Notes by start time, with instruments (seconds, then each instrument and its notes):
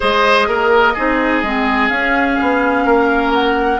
0.00 bassoon G#3, clarinet G#4, oboe C5, flute D#5
0.47 bassoon A#3, oboe A#4
0.93 bassoon C4, clarinet D#4, oboe G#4
1.42 bassoon G#3, clarinet C4
1.88 bassoon C#4, clarinet C#4, flute F5
2.41 bassoon B3
2.85 bassoon A#3, oboe A#4
3.33 flute F#5